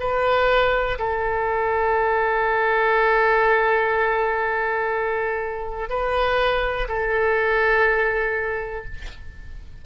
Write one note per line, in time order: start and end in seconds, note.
0.00 0.98 B4
0.99 5.90 A4
5.90 6.88 B4
6.89 8.85 A4